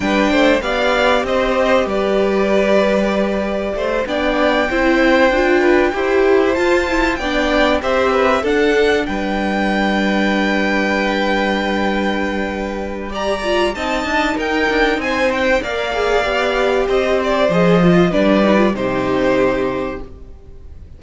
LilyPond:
<<
  \new Staff \with { instrumentName = "violin" } { \time 4/4 \tempo 4 = 96 g''4 f''4 dis''4 d''4~ | d''2~ d''8 g''4.~ | g''2~ g''8 a''4 g''8~ | g''8 e''4 fis''4 g''4.~ |
g''1~ | g''4 ais''4 a''4 g''4 | gis''8 g''8 f''2 dis''8 d''8 | dis''4 d''4 c''2 | }
  \new Staff \with { instrumentName = "violin" } { \time 4/4 b'8 c''8 d''4 c''4 b'4~ | b'2 c''8 d''4 c''8~ | c''4 b'8 c''2 d''8~ | d''8 c''8 b'8 a'4 b'4.~ |
b'1~ | b'4 d''4 dis''4 ais'4 | c''4 d''2 c''4~ | c''4 b'4 g'2 | }
  \new Staff \with { instrumentName = "viola" } { \time 4/4 d'4 g'2.~ | g'2~ g'8 d'4 e'8~ | e'8 f'4 g'4 f'8 e'8 d'8~ | d'8 g'4 d'2~ d'8~ |
d'1~ | d'4 g'8 f'8 dis'2~ | dis'4 ais'8 gis'8 g'2 | gis'8 f'8 d'8 dis'16 f'16 dis'2 | }
  \new Staff \with { instrumentName = "cello" } { \time 4/4 g8 a8 b4 c'4 g4~ | g2 a8 b4 c'8~ | c'8 d'4 e'4 f'4 b8~ | b8 c'4 d'4 g4.~ |
g1~ | g2 c'8 d'8 dis'8 d'8 | c'4 ais4 b4 c'4 | f4 g4 c2 | }
>>